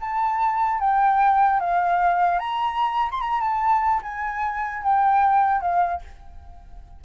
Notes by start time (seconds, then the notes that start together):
0.00 A5
0.79 G5
1.60 F5
2.39 A#5
3.11 C6
3.20 A#5
3.40 A5
4.02 G#5
4.82 G5
5.61 F5